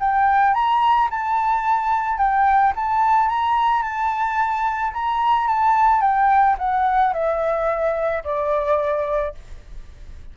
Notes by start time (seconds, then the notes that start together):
0.00 G5
0.54 A#5
1.11 A5
2.18 G5
2.76 A5
3.29 A#5
3.83 A5
4.93 A#5
5.48 A5
6.02 G5
6.59 F#5
7.13 E5
8.24 D5